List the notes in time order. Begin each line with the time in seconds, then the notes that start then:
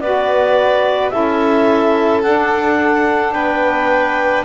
0.00 B3 F#4 B4 D5
1.09 C#4 E4 A4 E5
2.22 D4 F#5
3.32 B3 B4 G5